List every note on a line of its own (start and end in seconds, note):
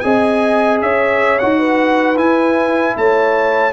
0.00 0.82 C4
0.00 1.40 G#4
0.00 0.83 D#5
0.00 0.78 G#5
0.82 1.41 C#4
0.82 1.59 C#5
0.82 1.39 E5
1.39 2.18 D#4
1.39 2.17 F#4
1.39 2.17 F#5
1.59 2.96 B4
2.17 3.73 E4
2.17 2.96 E4
2.17 2.96 G#5
2.97 3.73 A3
2.97 3.73 C#5
2.97 3.73 A5